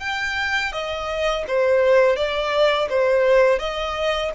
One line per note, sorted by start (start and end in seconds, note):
0.00 0.72 G5
0.72 1.45 D#5
1.48 2.16 C5
2.16 2.88 D5
2.90 3.59 C5
3.59 4.31 D#5